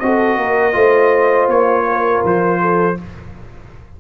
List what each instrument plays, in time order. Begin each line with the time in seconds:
0.00 tuba C4, trombone F#4, horn A4, trumpet D#5
0.37 tuba A#3, horn A#4
0.73 tuba A3, trombone F4, horn C5
1.48 tuba A#3, trumpet C#5
1.87 horn A#4
2.25 tuba F3, trumpet C5
2.62 horn A4